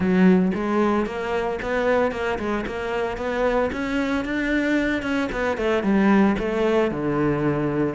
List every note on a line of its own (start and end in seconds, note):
0.00 0.51 F#3
0.54 1.05 G#3
1.05 1.59 A#3
1.61 2.11 B3
2.11 2.38 A#3
2.38 2.65 G#3
2.66 3.17 A#3
3.17 3.70 B3
3.72 4.25 C#4
4.25 5.02 D4
5.02 5.28 C#4
5.31 5.57 B3
5.57 5.83 A3
5.83 6.36 G3
6.38 6.91 A3
6.91 7.95 D3